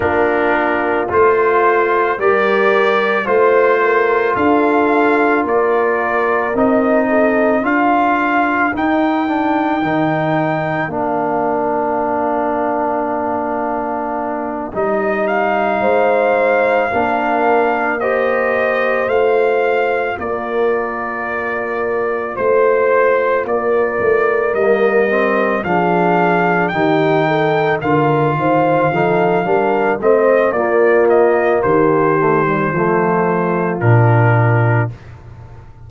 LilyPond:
<<
  \new Staff \with { instrumentName = "trumpet" } { \time 4/4 \tempo 4 = 55 ais'4 c''4 d''4 c''4 | f''4 d''4 dis''4 f''4 | g''2 f''2~ | f''4. dis''8 f''2~ |
f''8 dis''4 f''4 d''4.~ | d''8 c''4 d''4 dis''4 f''8~ | f''8 g''4 f''2 dis''8 | d''8 dis''8 c''2 ais'4 | }
  \new Staff \with { instrumentName = "horn" } { \time 4/4 f'2 ais'4 c''8 ais'8 | a'4 ais'4. a'8 ais'4~ | ais'1~ | ais'2~ ais'8 c''4 ais'8~ |
ais'8 c''2 ais'4.~ | ais'8 c''4 ais'2 gis'8~ | gis'8 g'8 a'8 ais'8 c''8 a'8 ais'8 c''8 | f'4 g'4 f'2 | }
  \new Staff \with { instrumentName = "trombone" } { \time 4/4 d'4 f'4 g'4 f'4~ | f'2 dis'4 f'4 | dis'8 d'8 dis'4 d'2~ | d'4. dis'2 d'8~ |
d'8 g'4 f'2~ f'8~ | f'2~ f'8 ais8 c'8 d'8~ | d'8 dis'4 f'4 dis'8 d'8 c'8 | ais4. a16 g16 a4 d'4 | }
  \new Staff \with { instrumentName = "tuba" } { \time 4/4 ais4 a4 g4 a4 | d'4 ais4 c'4 d'4 | dis'4 dis4 ais2~ | ais4. g4 gis4 ais8~ |
ais4. a4 ais4.~ | ais8 a4 ais8 a8 g4 f8~ | f8 dis4 d8 dis8 f8 g8 a8 | ais4 dis4 f4 ais,4 | }
>>